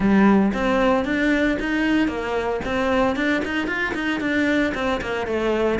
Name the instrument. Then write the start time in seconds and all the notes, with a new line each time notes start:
cello
0.00 G3
0.53 C4
1.04 D4
1.59 D#4
2.07 A#3
2.64 C4
3.16 D4
3.44 D#4
3.67 F4
3.94 D#4
4.20 D4
4.74 C4
5.01 A#3
5.26 A3